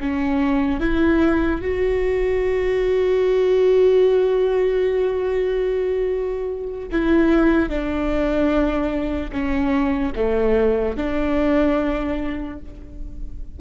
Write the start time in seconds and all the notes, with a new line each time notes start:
0.00 C#4
0.80 E4
1.61 F#4
6.91 E4
7.69 D4
9.32 C#4
10.16 A3
10.97 D4